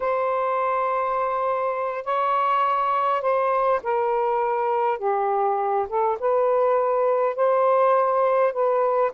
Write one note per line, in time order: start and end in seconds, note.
0.00 2.04 C5
2.04 3.21 C#5
3.21 3.80 C5
3.83 4.98 A#4
4.98 5.86 G4
5.88 6.18 A4
6.19 7.35 B4
7.35 8.52 C5
8.52 9.11 B4